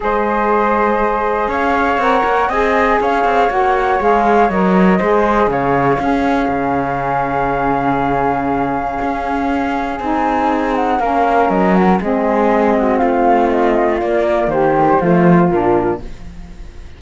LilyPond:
<<
  \new Staff \with { instrumentName = "flute" } { \time 4/4 \tempo 4 = 120 dis''2. f''4 | fis''4 gis''4 f''4 fis''4 | f''4 dis''2 f''4~ | f''1~ |
f''1 | gis''4. fis''8 f''4 dis''8 fis''8 | dis''2 f''4 dis''4 | d''4 c''2 ais'4 | }
  \new Staff \with { instrumentName = "flute" } { \time 4/4 c''2. cis''4~ | cis''4 dis''4 cis''2~ | cis''2 c''4 cis''4 | gis'1~ |
gis'1~ | gis'2 ais'2 | gis'4. fis'8 f'2~ | f'4 g'4 f'2 | }
  \new Staff \with { instrumentName = "saxophone" } { \time 4/4 gis'1 | ais'4 gis'2 fis'4 | gis'4 ais'4 gis'2 | cis'1~ |
cis'1 | dis'2 cis'2 | c'1 | ais4. a16 g16 a4 d'4 | }
  \new Staff \with { instrumentName = "cello" } { \time 4/4 gis2. cis'4 | c'8 ais8 c'4 cis'8 c'8 ais4 | gis4 fis4 gis4 cis4 | cis'4 cis2.~ |
cis2 cis'2 | c'2 ais4 fis4 | gis2 a2 | ais4 dis4 f4 ais,4 | }
>>